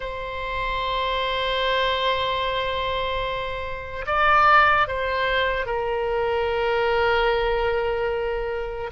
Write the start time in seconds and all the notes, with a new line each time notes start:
0.00 C5
4.06 D5
4.87 C5
5.65 A#4